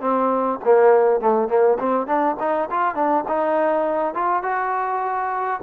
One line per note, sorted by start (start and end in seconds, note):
0.00 0.59 C4
0.65 1.20 A#3
1.20 1.48 A3
1.48 1.78 A#3
1.79 2.06 C4
2.06 2.36 D4
2.40 2.69 D#4
2.70 2.95 F4
2.95 3.24 D4
3.28 4.14 D#4
4.14 4.43 F4
4.43 5.60 F#4